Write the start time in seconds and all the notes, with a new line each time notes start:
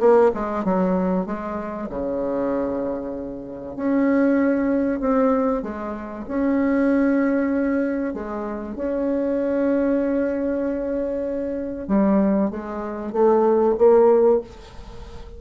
0.00 A#3
0.34 G#3
0.64 F#3
1.26 G#3
1.90 C#3
3.76 C#4
5.00 C4
5.62 G#3
6.28 C#4
8.14 G#3
8.76 C#4
11.88 G3
12.51 G#3
13.12 A3
13.78 A#3